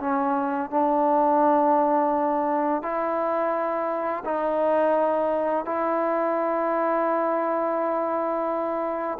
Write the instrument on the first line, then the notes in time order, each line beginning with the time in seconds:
trombone
0.00 C#4
0.71 D4
2.82 E4
4.25 D#4
5.65 E4